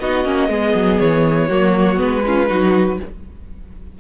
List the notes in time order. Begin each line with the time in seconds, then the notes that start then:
0.00 B3 D#4 F#4 D#5
0.25 A#3 C#4
0.49 G#3 B3 G#4
0.75 F#3
1.00 E3 C#5
1.48 F#3 A#3 F#4
1.97 G#3 B3 B4
2.26 C#4 F4
2.47 F#3 D#4 F#4